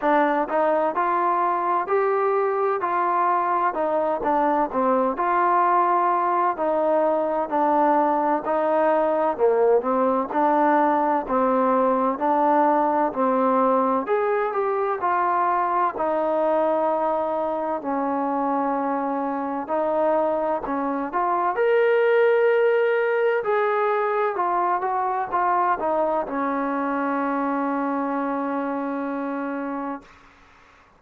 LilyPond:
\new Staff \with { instrumentName = "trombone" } { \time 4/4 \tempo 4 = 64 d'8 dis'8 f'4 g'4 f'4 | dis'8 d'8 c'8 f'4. dis'4 | d'4 dis'4 ais8 c'8 d'4 | c'4 d'4 c'4 gis'8 g'8 |
f'4 dis'2 cis'4~ | cis'4 dis'4 cis'8 f'8 ais'4~ | ais'4 gis'4 f'8 fis'8 f'8 dis'8 | cis'1 | }